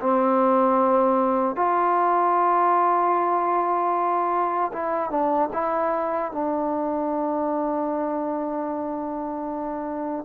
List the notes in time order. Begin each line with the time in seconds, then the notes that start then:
0.00 C4
1.55 F4
4.73 E4
5.10 D4
5.53 E4
6.32 D4